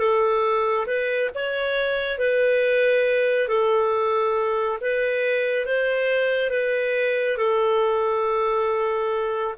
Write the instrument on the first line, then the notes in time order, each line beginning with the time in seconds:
clarinet
0.00 A4
0.87 B4
1.35 C#5
2.19 B4
3.49 A4
4.81 B4
5.66 C5
6.51 B4
7.38 A4